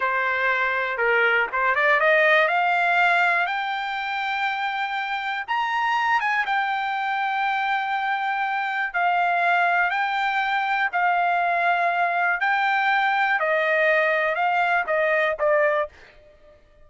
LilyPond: \new Staff \with { instrumentName = "trumpet" } { \time 4/4 \tempo 4 = 121 c''2 ais'4 c''8 d''8 | dis''4 f''2 g''4~ | g''2. ais''4~ | ais''8 gis''8 g''2.~ |
g''2 f''2 | g''2 f''2~ | f''4 g''2 dis''4~ | dis''4 f''4 dis''4 d''4 | }